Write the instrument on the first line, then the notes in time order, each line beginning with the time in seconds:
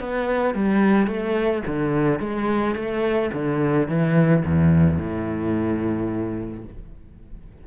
cello
0.00 B3
0.54 G3
1.07 A3
1.66 D3
2.19 G#3
2.75 A3
3.33 D3
3.88 E3
4.45 E2
4.98 A2